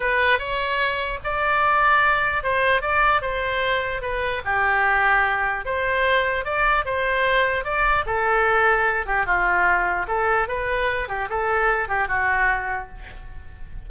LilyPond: \new Staff \with { instrumentName = "oboe" } { \time 4/4 \tempo 4 = 149 b'4 cis''2 d''4~ | d''2 c''4 d''4 | c''2 b'4 g'4~ | g'2 c''2 |
d''4 c''2 d''4 | a'2~ a'8 g'8 f'4~ | f'4 a'4 b'4. g'8 | a'4. g'8 fis'2 | }